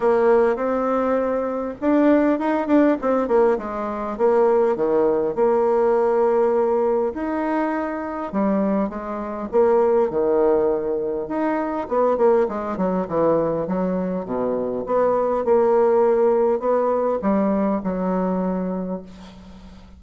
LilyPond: \new Staff \with { instrumentName = "bassoon" } { \time 4/4 \tempo 4 = 101 ais4 c'2 d'4 | dis'8 d'8 c'8 ais8 gis4 ais4 | dis4 ais2. | dis'2 g4 gis4 |
ais4 dis2 dis'4 | b8 ais8 gis8 fis8 e4 fis4 | b,4 b4 ais2 | b4 g4 fis2 | }